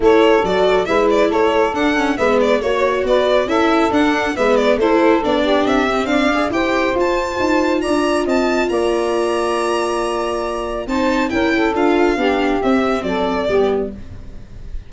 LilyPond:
<<
  \new Staff \with { instrumentName = "violin" } { \time 4/4 \tempo 4 = 138 cis''4 d''4 e''8 d''8 cis''4 | fis''4 e''8 d''8 cis''4 d''4 | e''4 fis''4 e''8 d''8 c''4 | d''4 e''4 f''4 g''4 |
a''2 ais''4 a''4 | ais''1~ | ais''4 a''4 g''4 f''4~ | f''4 e''4 d''2 | }
  \new Staff \with { instrumentName = "saxophone" } { \time 4/4 a'2 b'4 a'4~ | a'4 b'4 cis''4 b'4 | a'2 b'4 a'4~ | a'8 g'4. d''4 c''4~ |
c''2 d''4 dis''4 | d''1~ | d''4 c''4 ais'8 a'4. | g'2 a'4 g'4 | }
  \new Staff \with { instrumentName = "viola" } { \time 4/4 e'4 fis'4 e'2 | d'8 cis'8 b4 fis'2 | e'4 d'4 b4 e'4 | d'4. c'4 gis'8 g'4 |
f'1~ | f'1~ | f'4 dis'4 e'4 f'4 | d'4 c'2 b4 | }
  \new Staff \with { instrumentName = "tuba" } { \time 4/4 a4 fis4 gis4 a4 | d'4 gis4 ais4 b4 | cis'4 d'4 gis4 a4 | b4 c'4 d'4 e'4 |
f'4 dis'4 d'4 c'4 | ais1~ | ais4 c'4 cis'4 d'4 | b4 c'4 fis4 g4 | }
>>